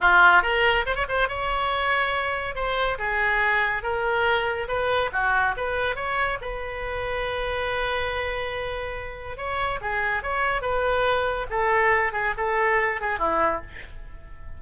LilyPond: \new Staff \with { instrumentName = "oboe" } { \time 4/4 \tempo 4 = 141 f'4 ais'4 c''16 cis''16 c''8 cis''4~ | cis''2 c''4 gis'4~ | gis'4 ais'2 b'4 | fis'4 b'4 cis''4 b'4~ |
b'1~ | b'2 cis''4 gis'4 | cis''4 b'2 a'4~ | a'8 gis'8 a'4. gis'8 e'4 | }